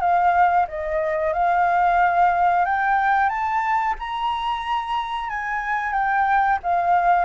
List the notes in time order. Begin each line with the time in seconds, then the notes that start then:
0.00 F5
0.68 D#5
1.33 F5
2.65 G5
3.29 A5
3.99 A#5
5.29 G#5
5.93 G5
6.63 F5